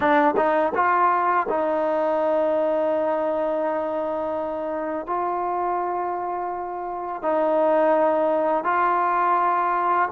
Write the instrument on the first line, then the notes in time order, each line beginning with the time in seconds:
trombone
0.00 D4
0.36 D#4
0.74 F4
1.49 D#4
5.06 F4
7.22 D#4
8.64 F4